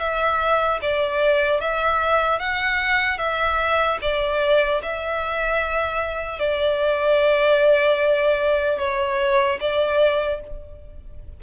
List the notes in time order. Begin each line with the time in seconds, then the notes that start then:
0.00 E5
0.82 D5
1.61 E5
2.39 F#5
3.19 E5
4.02 D5
4.83 E5
6.39 D5
8.79 C#5
9.61 D5